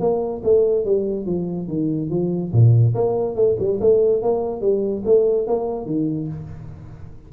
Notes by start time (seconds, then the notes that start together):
0.00 A#3
0.44 A3
0.85 G3
1.26 F3
1.68 D#3
2.10 F3
2.52 A#2
2.95 A#3
3.35 A3
3.59 G3
3.81 A3
4.23 A#3
4.61 G3
5.05 A3
5.47 A#3
5.86 D#3